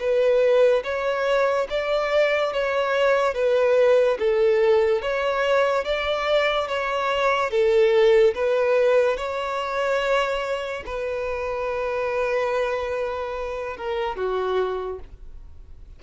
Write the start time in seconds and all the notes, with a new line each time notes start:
0.00 B4
0.84 C#5
1.70 D5
2.53 C#5
3.34 B4
4.19 A4
5.02 C#5
5.85 D5
6.68 C#5
7.51 A4
8.35 B4
9.17 C#5
10.86 B4
13.77 A#4
14.16 F#4